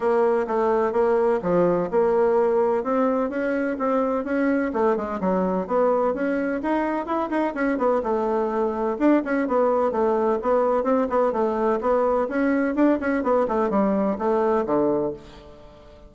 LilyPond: \new Staff \with { instrumentName = "bassoon" } { \time 4/4 \tempo 4 = 127 ais4 a4 ais4 f4 | ais2 c'4 cis'4 | c'4 cis'4 a8 gis8 fis4 | b4 cis'4 dis'4 e'8 dis'8 |
cis'8 b8 a2 d'8 cis'8 | b4 a4 b4 c'8 b8 | a4 b4 cis'4 d'8 cis'8 | b8 a8 g4 a4 d4 | }